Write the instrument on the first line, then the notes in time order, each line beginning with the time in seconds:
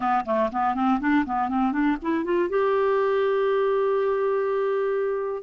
clarinet
0.00 B3
0.25 A3
0.52 B3
0.75 C4
1.00 D4
1.25 B3
1.49 C4
1.72 D4
2.02 E4
2.24 F4
2.49 G4